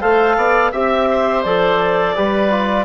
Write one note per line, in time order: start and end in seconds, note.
0.00 0.36 A3
0.00 0.72 A4
0.00 0.36 C5
0.00 0.72 F5
0.36 0.72 B3
0.36 0.71 D5
0.71 1.44 C4
0.71 1.44 G4
0.71 1.07 E5
0.71 1.43 E5
1.10 2.15 C5
1.43 2.15 F3
1.43 2.15 A4
1.43 2.85 D5
2.15 2.85 G3
2.15 2.50 G4
2.15 2.85 B4
2.50 2.85 F4